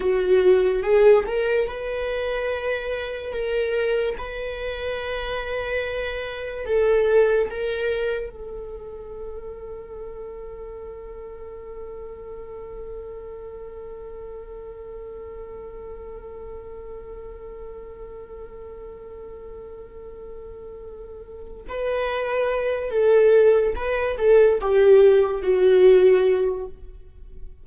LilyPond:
\new Staff \with { instrumentName = "viola" } { \time 4/4 \tempo 4 = 72 fis'4 gis'8 ais'8 b'2 | ais'4 b'2. | a'4 ais'4 a'2~ | a'1~ |
a'1~ | a'1~ | a'2 b'4. a'8~ | a'8 b'8 a'8 g'4 fis'4. | }